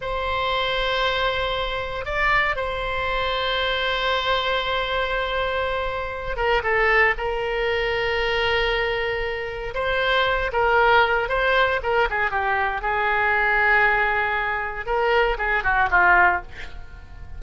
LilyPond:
\new Staff \with { instrumentName = "oboe" } { \time 4/4 \tempo 4 = 117 c''1 | d''4 c''2.~ | c''1~ | c''8 ais'8 a'4 ais'2~ |
ais'2. c''4~ | c''8 ais'4. c''4 ais'8 gis'8 | g'4 gis'2.~ | gis'4 ais'4 gis'8 fis'8 f'4 | }